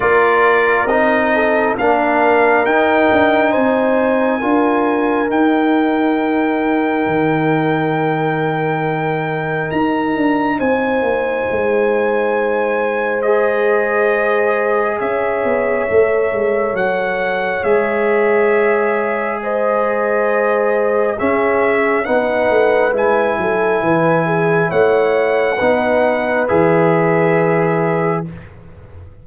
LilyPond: <<
  \new Staff \with { instrumentName = "trumpet" } { \time 4/4 \tempo 4 = 68 d''4 dis''4 f''4 g''4 | gis''2 g''2~ | g''2. ais''4 | gis''2. dis''4~ |
dis''4 e''2 fis''4 | e''2 dis''2 | e''4 fis''4 gis''2 | fis''2 e''2 | }
  \new Staff \with { instrumentName = "horn" } { \time 4/4 ais'4. a'8 ais'2 | c''4 ais'2.~ | ais'1 | c''1~ |
c''4 cis''2.~ | cis''2 c''2 | gis'4 b'4. a'8 b'8 gis'8 | cis''4 b'2. | }
  \new Staff \with { instrumentName = "trombone" } { \time 4/4 f'4 dis'4 d'4 dis'4~ | dis'4 f'4 dis'2~ | dis'1~ | dis'2. gis'4~ |
gis'2 a'2 | gis'1 | cis'4 dis'4 e'2~ | e'4 dis'4 gis'2 | }
  \new Staff \with { instrumentName = "tuba" } { \time 4/4 ais4 c'4 ais4 dis'8 d'8 | c'4 d'4 dis'2 | dis2. dis'8 d'8 | c'8 ais8 gis2.~ |
gis4 cis'8 b8 a8 gis8 fis4 | gis1 | cis'4 b8 a8 gis8 fis8 e4 | a4 b4 e2 | }
>>